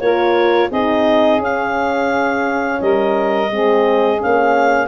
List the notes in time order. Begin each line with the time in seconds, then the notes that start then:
0.00 A#3 F4 A#4 C#5
0.69 C4 D#4 G#4 D#5
1.39 C#4 F5
2.81 G3 A#4 D#5
3.50 G#3 C4 G#4
4.18 A#3 C#4 F5